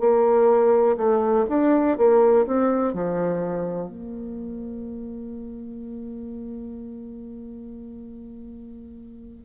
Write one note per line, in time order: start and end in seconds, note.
0.00 0.97 A#3
0.97 1.45 A3
1.49 1.98 D4
1.98 2.46 A#3
2.46 2.93 C4
2.93 3.88 F3
3.88 9.44 A#3